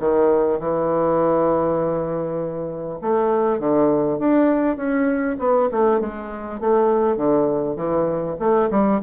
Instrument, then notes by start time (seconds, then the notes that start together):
bassoon
0.00 D#3
0.60 E3
3.02 A3
3.60 D3
4.19 D4
4.77 C#4
5.39 B3
5.72 A3
6.01 G#3
6.61 A3
7.17 D3
7.77 E3
8.40 A3
8.71 G3